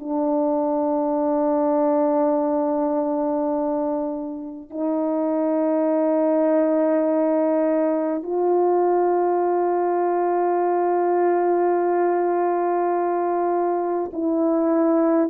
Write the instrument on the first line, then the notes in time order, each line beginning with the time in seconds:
horn
0.00 D4
4.71 D#4
8.23 F4
14.13 E4